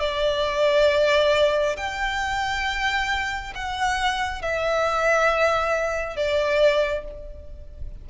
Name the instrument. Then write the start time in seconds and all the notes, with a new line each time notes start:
violin
0.00 D5
1.77 G5
3.55 F#5
4.42 E5
6.16 D5